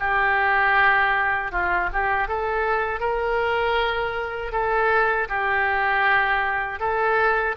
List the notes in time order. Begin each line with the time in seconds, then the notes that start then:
0.00 G4
1.52 F4
1.93 G4
2.28 A4
3.00 A#4
4.52 A4
5.29 G4
6.80 A4